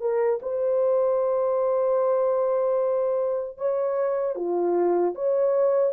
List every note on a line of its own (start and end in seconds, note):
0.00 0.39 A#4
0.42 3.57 C5
3.57 4.36 C#5
4.36 5.15 F4
5.15 5.93 C#5